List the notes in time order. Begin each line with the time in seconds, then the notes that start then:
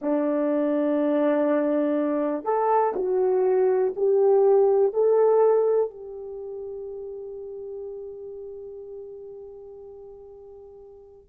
0.01 D4
2.44 A4
2.95 F#4
3.96 G4
4.93 A4
5.90 G4